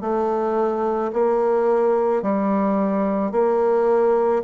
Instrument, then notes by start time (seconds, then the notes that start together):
bassoon
0.00 A3
1.13 A#3
2.22 G3
3.31 A#3